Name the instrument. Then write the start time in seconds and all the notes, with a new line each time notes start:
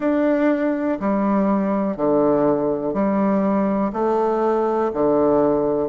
bassoon
0.00 D4
1.00 G3
1.97 D3
2.93 G3
3.93 A3
4.93 D3